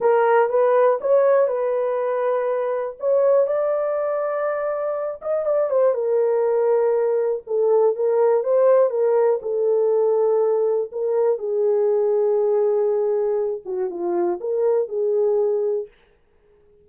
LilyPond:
\new Staff \with { instrumentName = "horn" } { \time 4/4 \tempo 4 = 121 ais'4 b'4 cis''4 b'4~ | b'2 cis''4 d''4~ | d''2~ d''8 dis''8 d''8 c''8 | ais'2. a'4 |
ais'4 c''4 ais'4 a'4~ | a'2 ais'4 gis'4~ | gis'2.~ gis'8 fis'8 | f'4 ais'4 gis'2 | }